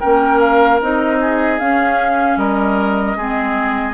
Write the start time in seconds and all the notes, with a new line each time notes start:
0.00 A#3 C#4 A#4 G5
0.40 F5
0.81 C4 D#4 D#5
1.20 G#4
1.59 C#4 F5
2.36 G3 A#4 D#5
3.16 G#3 C4 G#4